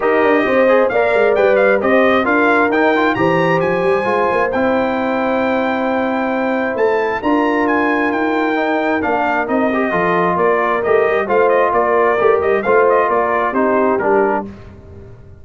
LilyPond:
<<
  \new Staff \with { instrumentName = "trumpet" } { \time 4/4 \tempo 4 = 133 dis''2 f''4 g''8 f''8 | dis''4 f''4 g''4 ais''4 | gis''2 g''2~ | g''2. a''4 |
ais''4 gis''4 g''2 | f''4 dis''2 d''4 | dis''4 f''8 dis''8 d''4. dis''8 | f''8 dis''8 d''4 c''4 ais'4 | }
  \new Staff \with { instrumentName = "horn" } { \time 4/4 ais'4 c''4 d''2 | c''4 ais'2 c''4~ | c''1~ | c''1 |
ais'1~ | ais'2 a'4 ais'4~ | ais'4 c''4 ais'2 | c''4 ais'4 g'2 | }
  \new Staff \with { instrumentName = "trombone" } { \time 4/4 g'4. gis'8 ais'4 b'4 | g'4 f'4 dis'8 f'8 g'4~ | g'4 f'4 e'2~ | e'1 |
f'2. dis'4 | d'4 dis'8 g'8 f'2 | g'4 f'2 g'4 | f'2 dis'4 d'4 | }
  \new Staff \with { instrumentName = "tuba" } { \time 4/4 dis'8 d'8 c'4 ais8 gis8 g4 | c'4 d'4 dis'4 e4 | f8 g8 gis8 ais8 c'2~ | c'2. a4 |
d'2 dis'2 | ais4 c'4 f4 ais4 | a8 g8 a4 ais4 a8 g8 | a4 ais4 c'4 g4 | }
>>